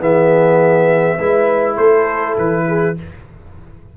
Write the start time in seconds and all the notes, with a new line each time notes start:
0.00 E3 B3 G#4 E5
1.19 G#3 E4 B4
1.77 A3 A4 C5
2.38 E3 B4
2.68 G#4